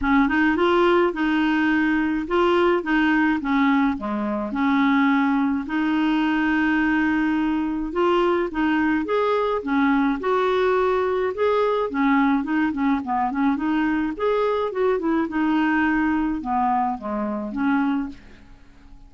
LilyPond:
\new Staff \with { instrumentName = "clarinet" } { \time 4/4 \tempo 4 = 106 cis'8 dis'8 f'4 dis'2 | f'4 dis'4 cis'4 gis4 | cis'2 dis'2~ | dis'2 f'4 dis'4 |
gis'4 cis'4 fis'2 | gis'4 cis'4 dis'8 cis'8 b8 cis'8 | dis'4 gis'4 fis'8 e'8 dis'4~ | dis'4 b4 gis4 cis'4 | }